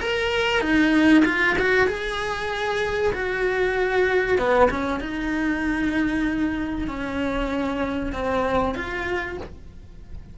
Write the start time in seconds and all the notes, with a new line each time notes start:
0.00 A#4
0.61 D#4
1.26 F4
1.59 F#4
1.88 G#4
3.14 F#4
4.39 B3
4.70 C#4
5.01 D#4
6.88 C#4
8.13 C4
8.75 F4